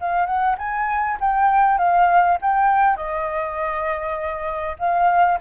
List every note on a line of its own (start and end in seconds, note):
0.00 0.26 F5
0.26 0.56 F#5
0.58 1.18 G#5
1.20 1.78 G5
1.78 2.38 F5
2.41 2.96 G5
2.96 4.76 D#5
4.79 5.39 F5